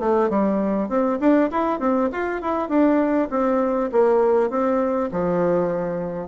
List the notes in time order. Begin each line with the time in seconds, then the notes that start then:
0.00 A3
0.30 G3
0.89 C4
1.21 D4
1.51 E4
1.80 C4
2.12 F4
2.42 E4
2.69 D4
3.31 C4
3.92 A#3
4.51 C4
5.12 F3